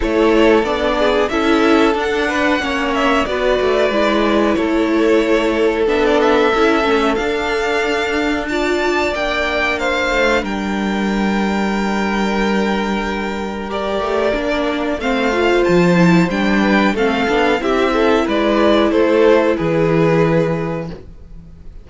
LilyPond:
<<
  \new Staff \with { instrumentName = "violin" } { \time 4/4 \tempo 4 = 92 cis''4 d''4 e''4 fis''4~ | fis''8 e''8 d''2 cis''4~ | cis''4 e''16 d''16 e''4. f''4~ | f''4 a''4 g''4 f''4 |
g''1~ | g''4 d''2 f''4 | a''4 g''4 f''4 e''4 | d''4 c''4 b'2 | }
  \new Staff \with { instrumentName = "violin" } { \time 4/4 a'4. gis'8 a'4. b'8 | cis''4 b'2 a'4~ | a'1~ | a'4 d''2 c''4 |
ais'1~ | ais'2. c''4~ | c''4. b'8 a'4 g'8 a'8 | b'4 a'4 gis'2 | }
  \new Staff \with { instrumentName = "viola" } { \time 4/4 e'4 d'4 e'4 d'4 | cis'4 fis'4 e'2~ | e'4 d'4 e'8 cis'8 d'4~ | d'4 f'4 d'2~ |
d'1~ | d'4 g'4 d'4 c'8 f'8~ | f'8 e'8 d'4 c'8 d'8 e'4~ | e'1 | }
  \new Staff \with { instrumentName = "cello" } { \time 4/4 a4 b4 cis'4 d'4 | ais4 b8 a8 gis4 a4~ | a4 b4 cis'8 a8 d'4~ | d'2 ais4. a8 |
g1~ | g4. a8 ais4 a4 | f4 g4 a8 b8 c'4 | gis4 a4 e2 | }
>>